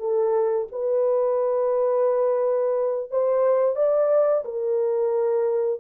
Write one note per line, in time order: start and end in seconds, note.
0.00 0.68 A4
0.72 3.11 B4
3.11 3.76 C5
3.76 4.44 D5
4.45 5.80 A#4